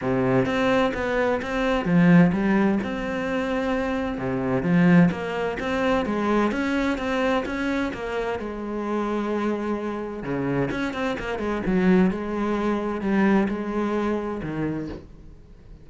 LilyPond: \new Staff \with { instrumentName = "cello" } { \time 4/4 \tempo 4 = 129 c4 c'4 b4 c'4 | f4 g4 c'2~ | c'4 c4 f4 ais4 | c'4 gis4 cis'4 c'4 |
cis'4 ais4 gis2~ | gis2 cis4 cis'8 c'8 | ais8 gis8 fis4 gis2 | g4 gis2 dis4 | }